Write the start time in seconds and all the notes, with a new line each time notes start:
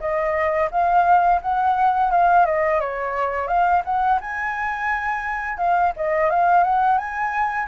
0.00 D#5
0.71 F5
1.42 F#5
2.12 F5
2.46 D#5
2.81 C#5
3.48 F5
3.85 F#5
4.21 G#5
5.58 F5
5.97 D#5
6.30 F5
6.64 F#5
6.98 G#5